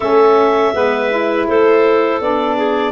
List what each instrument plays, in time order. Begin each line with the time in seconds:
0.00 tuba A3, saxophone C#4, clarinet A4 E5
0.74 tuba G#3, saxophone B3, clarinet B4
1.10 saxophone E4
1.47 tuba A3, clarinet A4 C5
2.20 tuba B3, saxophone D4, clarinet D5
2.56 clarinet G#4